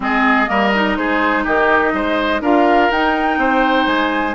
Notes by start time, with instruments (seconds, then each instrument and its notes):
0.00 bassoon G#3, clarinet C4, oboe G#4, flute D#5
0.47 bassoon G3, clarinet A#3, oboe A#4
0.75 clarinet D#4
0.96 bassoon G#3, oboe G#4, flute C5
1.43 bassoon D#3, oboe G4, flute D#5
1.93 bassoon G#3, oboe C5
2.40 bassoon D4, clarinet F4, oboe A#4, flute F5
2.91 bassoon D#4, clarinet D#4, flute G5
3.37 bassoon C4, oboe C5
3.86 bassoon G#3, flute G#5